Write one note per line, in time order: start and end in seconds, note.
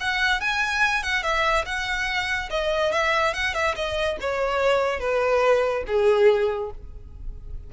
0.00 0.40 F#5
0.40 1.03 G#5
1.03 1.23 F#5
1.23 1.65 E5
1.65 2.49 F#5
2.50 2.92 D#5
2.92 3.34 E5
3.34 3.54 F#5
3.54 3.75 E5
3.76 4.17 D#5
4.21 5.00 C#5
5.00 5.84 B4
5.87 6.71 G#4